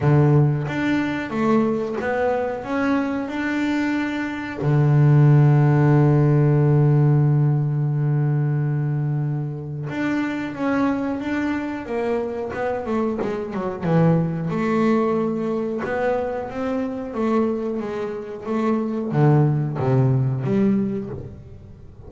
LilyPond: \new Staff \with { instrumentName = "double bass" } { \time 4/4 \tempo 4 = 91 d4 d'4 a4 b4 | cis'4 d'2 d4~ | d1~ | d2. d'4 |
cis'4 d'4 ais4 b8 a8 | gis8 fis8 e4 a2 | b4 c'4 a4 gis4 | a4 d4 c4 g4 | }